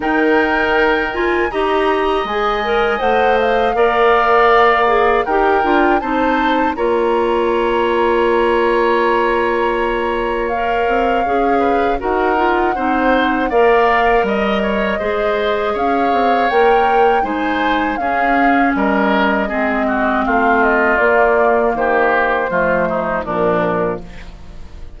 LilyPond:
<<
  \new Staff \with { instrumentName = "flute" } { \time 4/4 \tempo 4 = 80 g''4. gis''8 ais''4 gis''4 | fis''8 f''2~ f''8 g''4 | a''4 ais''2.~ | ais''2 f''2 |
fis''2 f''4 dis''4~ | dis''4 f''4 g''4 gis''4 | f''4 dis''2 f''8 dis''8 | d''4 c''2 ais'4 | }
  \new Staff \with { instrumentName = "oboe" } { \time 4/4 ais'2 dis''2~ | dis''4 d''2 ais'4 | c''4 cis''2.~ | cis''2.~ cis''8 b'8 |
ais'4 c''4 d''4 dis''8 cis''8 | c''4 cis''2 c''4 | gis'4 ais'4 gis'8 fis'8 f'4~ | f'4 g'4 f'8 dis'8 d'4 | }
  \new Staff \with { instrumentName = "clarinet" } { \time 4/4 dis'4. f'8 g'4 gis'8 ais'8 | c''4 ais'4. gis'8 g'8 f'8 | dis'4 f'2.~ | f'2 ais'4 gis'4 |
fis'8 f'8 dis'4 ais'2 | gis'2 ais'4 dis'4 | cis'2 c'2 | ais2 a4 f4 | }
  \new Staff \with { instrumentName = "bassoon" } { \time 4/4 dis2 dis'4 gis4 | a4 ais2 dis'8 d'8 | c'4 ais2.~ | ais2~ ais8 c'8 cis'4 |
dis'4 c'4 ais4 g4 | gis4 cis'8 c'8 ais4 gis4 | cis'4 g4 gis4 a4 | ais4 dis4 f4 ais,4 | }
>>